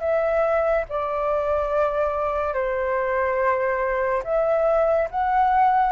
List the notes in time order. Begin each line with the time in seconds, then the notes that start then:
0.00 E5
0.89 D5
2.54 C5
4.24 E5
5.10 F#5